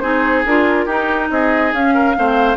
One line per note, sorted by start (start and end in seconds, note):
0.00 0.45 C4
0.00 0.44 D#4
0.00 0.85 G#4
0.00 0.43 C5
0.45 0.87 D4
0.45 0.90 F4
0.45 1.30 A#4
0.85 1.29 D#4
0.85 1.75 D#4
0.85 1.28 G4
1.30 1.73 C4
1.30 1.94 G#4
1.30 1.73 D#5
1.73 2.15 C#4
1.73 2.57 F5
1.94 2.16 A#4
2.15 2.57 A3
2.15 2.57 C4
2.15 2.57 C5